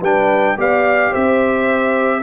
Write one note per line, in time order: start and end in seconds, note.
0.00 0.56 G3
0.00 0.57 D4
0.00 0.55 B4
0.00 0.58 G5
0.57 1.12 B3
0.57 2.21 G4
0.57 1.11 D5
0.57 1.14 F5
1.11 2.23 C4
1.11 2.20 C5
1.11 2.23 E5